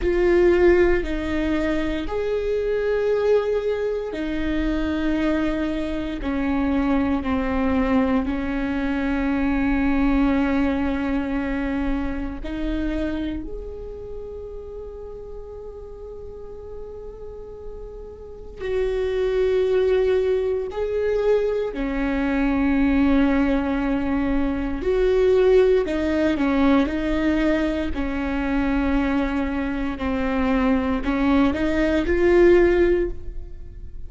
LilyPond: \new Staff \with { instrumentName = "viola" } { \time 4/4 \tempo 4 = 58 f'4 dis'4 gis'2 | dis'2 cis'4 c'4 | cis'1 | dis'4 gis'2.~ |
gis'2 fis'2 | gis'4 cis'2. | fis'4 dis'8 cis'8 dis'4 cis'4~ | cis'4 c'4 cis'8 dis'8 f'4 | }